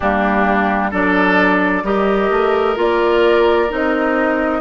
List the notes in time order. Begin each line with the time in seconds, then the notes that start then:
0.00 G3 A#3 D4 G4
0.91 F#3 D4 A4 D5
1.83 G3 G4 A#4 D#5
2.30 A3
2.76 A#3 F4 D5
3.69 C4 D#4 D#5